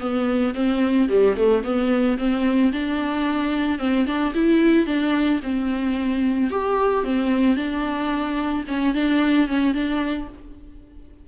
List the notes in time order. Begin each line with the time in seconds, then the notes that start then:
0.00 B3
0.55 C4
1.09 G3
1.36 A3
1.64 B3
2.18 C4
2.72 D4
3.79 C4
4.06 D4
4.34 E4
4.86 D4
5.43 C4
6.51 G4
7.04 C4
7.57 D4
8.68 C#4
8.95 D4
9.48 C#4
9.74 D4